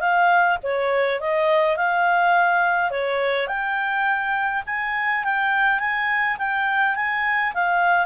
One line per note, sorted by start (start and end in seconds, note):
0.00 0.58 F5
0.63 1.20 C#5
1.20 1.76 D#5
1.76 2.91 F5
2.91 3.47 C#5
3.47 4.63 G5
4.66 5.24 G#5
5.24 5.79 G5
5.79 6.37 G#5
6.38 6.95 G5
6.95 7.53 G#5
7.54 8.06 F5